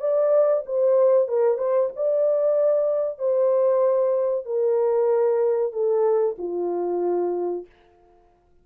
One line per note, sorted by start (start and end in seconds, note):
0.00 0.64 D5
0.66 1.28 C5
1.28 1.58 A#4
1.58 1.90 C5
1.96 3.19 D5
3.19 4.46 C5
4.46 5.73 A#4
5.73 6.37 A4
6.39 7.66 F4